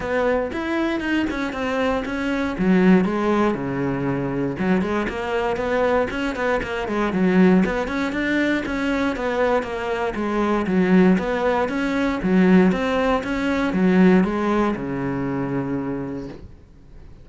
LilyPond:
\new Staff \with { instrumentName = "cello" } { \time 4/4 \tempo 4 = 118 b4 e'4 dis'8 cis'8 c'4 | cis'4 fis4 gis4 cis4~ | cis4 fis8 gis8 ais4 b4 | cis'8 b8 ais8 gis8 fis4 b8 cis'8 |
d'4 cis'4 b4 ais4 | gis4 fis4 b4 cis'4 | fis4 c'4 cis'4 fis4 | gis4 cis2. | }